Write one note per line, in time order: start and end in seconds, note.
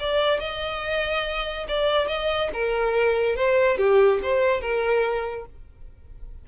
0.00 0.40 D5
0.40 1.67 D#5
1.69 2.08 D5
2.08 2.50 D#5
2.54 3.36 A#4
3.36 3.78 C5
3.78 4.20 G4
4.23 4.62 C5
4.62 5.46 A#4